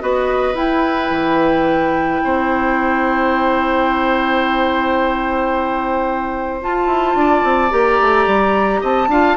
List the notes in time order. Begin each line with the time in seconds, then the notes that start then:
0.00 B3 F#4 B4 D#5
0.55 E4 G5
1.11 E3
2.24 C4 C5
6.62 F4 A5
6.87 E4
7.15 D4 D5
7.44 C4
7.70 A#3 G4 A#5
8.01 A3
8.27 G3
8.81 C4 D#5 A5
9.08 D4 F4 F5